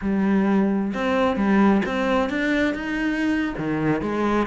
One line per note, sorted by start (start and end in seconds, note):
0.01 0.93 G3
0.94 1.36 C4
1.36 1.82 G3
1.85 2.29 C4
2.29 2.74 D4
2.74 3.54 D#4
3.57 4.01 D#3
4.01 4.46 G#3